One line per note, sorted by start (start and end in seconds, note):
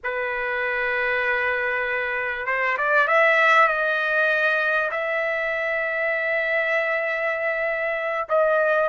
0.03 2.46 B4
2.46 2.77 C5
2.77 3.07 D5
3.07 3.68 E5
3.68 4.90 D#5
4.91 8.28 E5
8.28 8.89 D#5